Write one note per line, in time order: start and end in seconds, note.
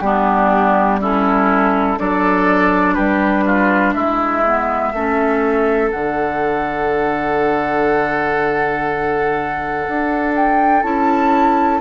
0.00 1.97 G3
0.00 1.01 B3
0.00 1.00 D4
0.00 0.98 G4
1.00 1.98 C#4
1.00 1.99 E4
1.00 1.99 A4
1.98 2.98 F#3
1.98 4.44 D4
1.98 2.95 A4
1.98 2.94 D5
2.94 3.95 G3
2.94 3.44 G4
2.94 3.92 B4
3.45 3.94 F4
3.93 4.93 G#3
3.93 4.92 E4
3.93 5.90 E5
4.45 4.94 B3
4.93 5.91 A3
4.93 5.92 C#4
4.93 11.81 A4
5.91 9.87 D3
5.91 10.83 D4
5.91 10.33 F#5
9.87 10.83 D4
10.35 10.83 G5
10.83 11.81 C#4
10.83 11.81 E4
10.83 11.81 A5